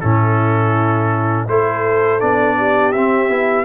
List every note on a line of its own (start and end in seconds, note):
0.00 1.48 A2
0.00 1.48 C#4
0.00 1.48 E4
0.00 1.46 A4
1.48 2.21 A3
1.48 2.20 E4
1.48 2.57 A4
1.48 2.20 C5
2.20 2.94 B3
2.20 2.93 D4
2.20 2.92 D5
2.57 3.65 G4
2.92 3.29 C4
2.92 3.30 C4
2.92 3.65 E5
3.29 3.65 B3
3.29 3.65 E4